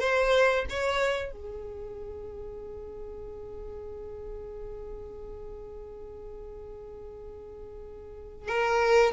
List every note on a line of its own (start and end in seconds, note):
0.00 0.65 C5
0.70 1.32 C#5
1.32 8.48 G#4
8.48 9.13 A#4